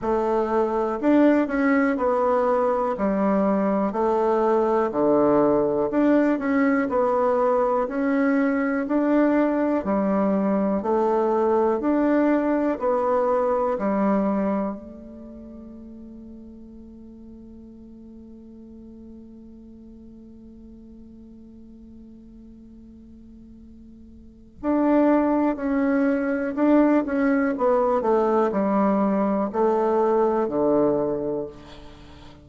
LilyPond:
\new Staff \with { instrumentName = "bassoon" } { \time 4/4 \tempo 4 = 61 a4 d'8 cis'8 b4 g4 | a4 d4 d'8 cis'8 b4 | cis'4 d'4 g4 a4 | d'4 b4 g4 a4~ |
a1~ | a1~ | a4 d'4 cis'4 d'8 cis'8 | b8 a8 g4 a4 d4 | }